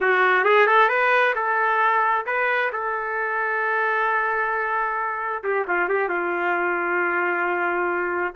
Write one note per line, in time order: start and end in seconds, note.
0.00 0.44 F#4
0.44 0.66 G#4
0.66 0.89 A4
0.89 1.34 B4
1.35 2.25 A4
2.26 2.71 B4
2.72 5.43 A4
5.43 5.66 G4
5.67 5.89 F4
5.89 6.08 G4
6.08 8.34 F4